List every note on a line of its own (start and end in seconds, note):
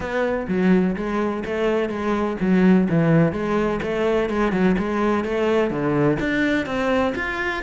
0.00 0.46 B3
0.48 0.95 F#3
0.96 1.43 G#3
1.45 1.89 A3
1.89 2.37 G#3
2.40 2.87 F#3
2.89 3.32 E3
3.32 3.80 G#3
3.82 4.29 A3
4.29 4.52 G#3
4.52 4.75 F#3
4.78 5.24 G#3
5.24 5.70 A3
5.70 6.18 D3
6.19 6.66 D4
6.66 7.13 C4
7.15 7.63 F4